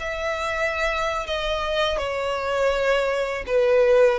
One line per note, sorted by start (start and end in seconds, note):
0.00 1.27 E5
1.27 1.98 D#5
1.98 3.44 C#5
3.47 4.19 B4